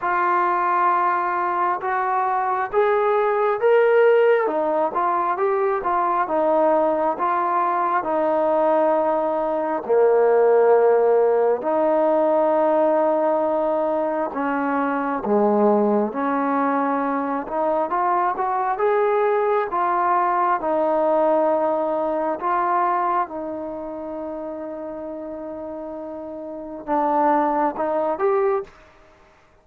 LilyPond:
\new Staff \with { instrumentName = "trombone" } { \time 4/4 \tempo 4 = 67 f'2 fis'4 gis'4 | ais'4 dis'8 f'8 g'8 f'8 dis'4 | f'4 dis'2 ais4~ | ais4 dis'2. |
cis'4 gis4 cis'4. dis'8 | f'8 fis'8 gis'4 f'4 dis'4~ | dis'4 f'4 dis'2~ | dis'2 d'4 dis'8 g'8 | }